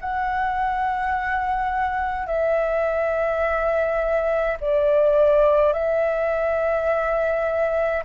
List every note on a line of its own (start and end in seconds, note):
0.00 2.26 F#5
2.26 4.57 E5
4.60 5.73 D5
5.73 8.03 E5